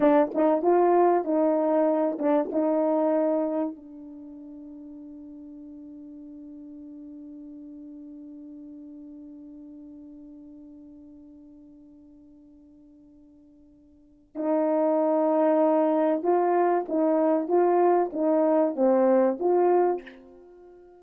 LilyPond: \new Staff \with { instrumentName = "horn" } { \time 4/4 \tempo 4 = 96 d'8 dis'8 f'4 dis'4. d'8 | dis'2 d'2~ | d'1~ | d'1~ |
d'1~ | d'2. dis'4~ | dis'2 f'4 dis'4 | f'4 dis'4 c'4 f'4 | }